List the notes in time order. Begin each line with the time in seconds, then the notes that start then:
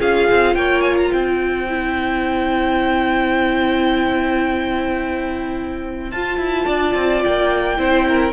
0.00 C#4 F4 G#4 F5
0.32 C4
0.56 A#3 C#5 G5
0.82 G#5
0.98 A#5
1.11 C4 C5 G5
1.69 E4
6.12 F4 A5
6.39 E4
6.66 D4 D5
6.95 C4
7.25 A#3 G5
7.78 C4 E4 C5
8.09 A#4